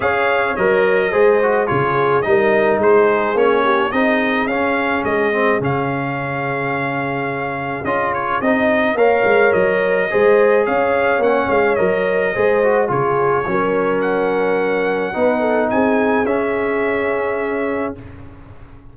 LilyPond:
<<
  \new Staff \with { instrumentName = "trumpet" } { \time 4/4 \tempo 4 = 107 f''4 dis''2 cis''4 | dis''4 c''4 cis''4 dis''4 | f''4 dis''4 f''2~ | f''2 dis''8 cis''8 dis''4 |
f''4 dis''2 f''4 | fis''8 f''8 dis''2 cis''4~ | cis''4 fis''2. | gis''4 e''2. | }
  \new Staff \with { instrumentName = "horn" } { \time 4/4 cis''2 c''4 gis'4 | ais'4 gis'4. g'8 gis'4~ | gis'1~ | gis'1 |
cis''2 c''4 cis''4~ | cis''2 c''4 gis'4 | ais'2. b'8 a'8 | gis'1 | }
  \new Staff \with { instrumentName = "trombone" } { \time 4/4 gis'4 ais'4 gis'8 fis'8 f'4 | dis'2 cis'4 dis'4 | cis'4. c'8 cis'2~ | cis'2 f'4 dis'4 |
ais'2 gis'2 | cis'4 ais'4 gis'8 fis'8 f'4 | cis'2. dis'4~ | dis'4 cis'2. | }
  \new Staff \with { instrumentName = "tuba" } { \time 4/4 cis'4 fis4 gis4 cis4 | g4 gis4 ais4 c'4 | cis'4 gis4 cis2~ | cis2 cis'4 c'4 |
ais8 gis8 fis4 gis4 cis'4 | ais8 gis8 fis4 gis4 cis4 | fis2. b4 | c'4 cis'2. | }
>>